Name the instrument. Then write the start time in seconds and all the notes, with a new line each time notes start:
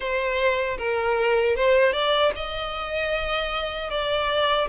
violin
0.00 C5
0.78 A#4
1.56 C5
1.93 D5
2.35 D#5
3.90 D5